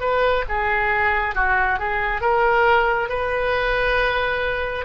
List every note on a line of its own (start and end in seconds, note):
0.00 0.44 B4
0.49 1.35 G#4
1.35 1.79 F#4
1.79 2.21 G#4
2.21 3.09 A#4
3.09 4.85 B4